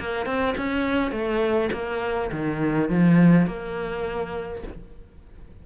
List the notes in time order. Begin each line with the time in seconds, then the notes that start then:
0.00 A#3
0.26 C4
0.57 C#4
1.12 A3
1.72 A#3
2.31 D#3
2.90 F3
3.47 A#3